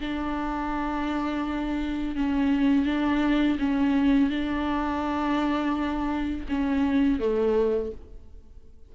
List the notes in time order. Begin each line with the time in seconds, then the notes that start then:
0.00 D4
2.16 C#4
2.85 D4
3.59 C#4
4.29 D4
6.49 C#4
7.19 A3